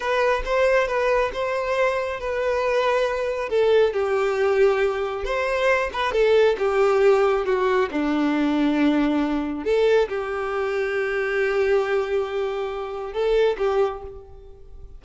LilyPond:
\new Staff \with { instrumentName = "violin" } { \time 4/4 \tempo 4 = 137 b'4 c''4 b'4 c''4~ | c''4 b'2. | a'4 g'2. | c''4. b'8 a'4 g'4~ |
g'4 fis'4 d'2~ | d'2 a'4 g'4~ | g'1~ | g'2 a'4 g'4 | }